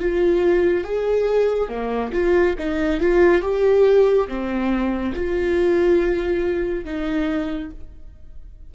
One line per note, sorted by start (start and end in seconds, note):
0.00 0.84 F4
0.84 1.69 G#4
1.69 2.12 A#3
2.13 2.56 F4
2.58 3.01 D#4
3.01 3.42 F4
3.42 4.28 G4
4.28 5.14 C4
5.15 6.85 F4
6.85 7.71 D#4